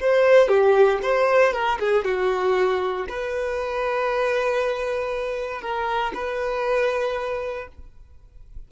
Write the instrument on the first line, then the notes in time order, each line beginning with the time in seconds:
violin
0.00 C5
0.48 G4
1.02 C5
1.53 A#4
1.79 G#4
2.04 F#4
3.08 B4
5.61 A#4
6.14 B4